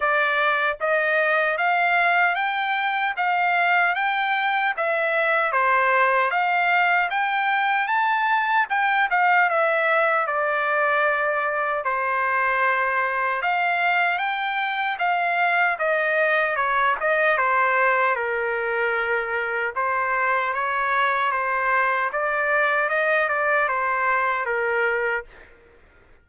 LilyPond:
\new Staff \with { instrumentName = "trumpet" } { \time 4/4 \tempo 4 = 76 d''4 dis''4 f''4 g''4 | f''4 g''4 e''4 c''4 | f''4 g''4 a''4 g''8 f''8 | e''4 d''2 c''4~ |
c''4 f''4 g''4 f''4 | dis''4 cis''8 dis''8 c''4 ais'4~ | ais'4 c''4 cis''4 c''4 | d''4 dis''8 d''8 c''4 ais'4 | }